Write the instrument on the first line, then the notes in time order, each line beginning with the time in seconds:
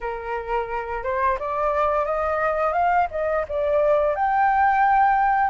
flute
0.00 A#4
1.03 C5
1.39 D5
2.05 D#5
2.72 F5
3.10 D#5
3.48 D5
4.15 G5